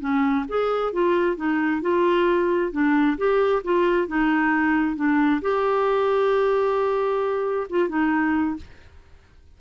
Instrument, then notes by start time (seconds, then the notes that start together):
clarinet
0.00 C#4
0.48 G#4
0.93 F4
1.36 D#4
1.81 F4
2.72 D4
3.17 G4
3.64 F4
4.07 D#4
4.96 D4
5.42 G4
7.69 F4
7.89 D#4